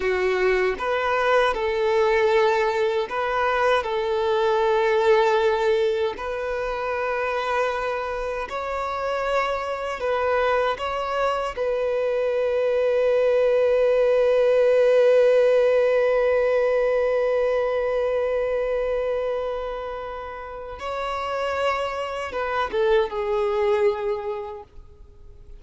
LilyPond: \new Staff \with { instrumentName = "violin" } { \time 4/4 \tempo 4 = 78 fis'4 b'4 a'2 | b'4 a'2. | b'2. cis''4~ | cis''4 b'4 cis''4 b'4~ |
b'1~ | b'1~ | b'2. cis''4~ | cis''4 b'8 a'8 gis'2 | }